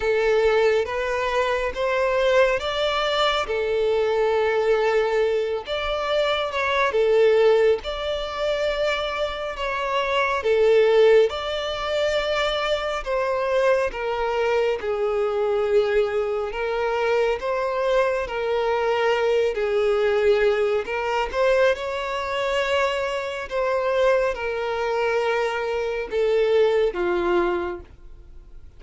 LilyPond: \new Staff \with { instrumentName = "violin" } { \time 4/4 \tempo 4 = 69 a'4 b'4 c''4 d''4 | a'2~ a'8 d''4 cis''8 | a'4 d''2 cis''4 | a'4 d''2 c''4 |
ais'4 gis'2 ais'4 | c''4 ais'4. gis'4. | ais'8 c''8 cis''2 c''4 | ais'2 a'4 f'4 | }